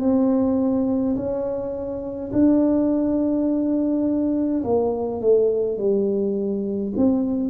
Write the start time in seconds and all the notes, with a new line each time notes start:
0.00 C4
1.16 C#4
2.32 D4
4.64 A#3
5.21 A3
5.78 G3
6.97 C4